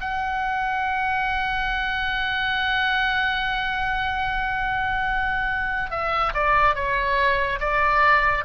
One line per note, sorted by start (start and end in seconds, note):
0.00 5.90 F#5
5.90 6.33 E5
6.33 6.75 D5
6.75 7.59 C#5
7.59 8.44 D5